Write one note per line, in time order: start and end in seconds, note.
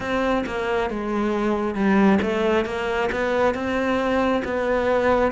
0.00 0.44 C4
0.46 0.89 A#3
0.89 1.74 G#3
1.74 2.18 G3
2.21 2.65 A3
2.65 3.09 A#3
3.11 3.54 B3
3.54 4.42 C4
4.44 5.31 B3